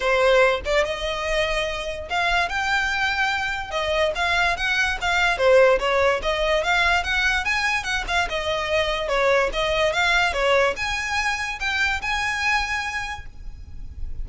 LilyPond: \new Staff \with { instrumentName = "violin" } { \time 4/4 \tempo 4 = 145 c''4. d''8 dis''2~ | dis''4 f''4 g''2~ | g''4 dis''4 f''4 fis''4 | f''4 c''4 cis''4 dis''4 |
f''4 fis''4 gis''4 fis''8 f''8 | dis''2 cis''4 dis''4 | f''4 cis''4 gis''2 | g''4 gis''2. | }